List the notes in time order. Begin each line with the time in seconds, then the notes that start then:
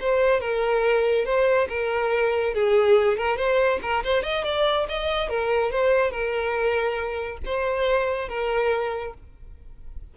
0.00 C5
0.40 A#4
1.25 C5
1.69 A#4
2.54 G#4
3.17 A#4
3.37 C5
3.82 A#4
4.04 C5
4.23 D#5
4.44 D5
4.89 D#5
5.29 A#4
5.71 C5
6.11 A#4
7.45 C5
8.28 A#4